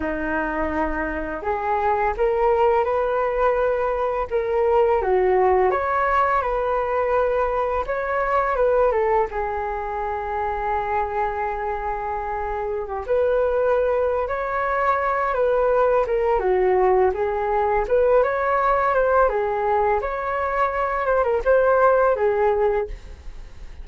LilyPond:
\new Staff \with { instrumentName = "flute" } { \time 4/4 \tempo 4 = 84 dis'2 gis'4 ais'4 | b'2 ais'4 fis'4 | cis''4 b'2 cis''4 | b'8 a'8 gis'2.~ |
gis'2 g'16 b'4.~ b'16 | cis''4. b'4 ais'8 fis'4 | gis'4 b'8 cis''4 c''8 gis'4 | cis''4. c''16 ais'16 c''4 gis'4 | }